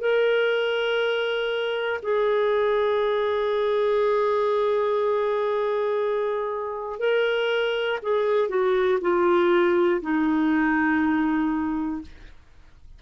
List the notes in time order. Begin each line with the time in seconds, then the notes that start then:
0.00 A#4
2.02 G#4
6.99 A#4
8.02 G#4
8.49 F#4
9.00 F4
10.01 D#4